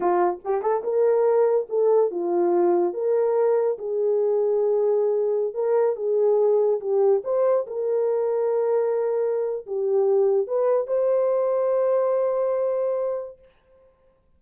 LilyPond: \new Staff \with { instrumentName = "horn" } { \time 4/4 \tempo 4 = 143 f'4 g'8 a'8 ais'2 | a'4 f'2 ais'4~ | ais'4 gis'2.~ | gis'4~ gis'16 ais'4 gis'4.~ gis'16~ |
gis'16 g'4 c''4 ais'4.~ ais'16~ | ais'2. g'4~ | g'4 b'4 c''2~ | c''1 | }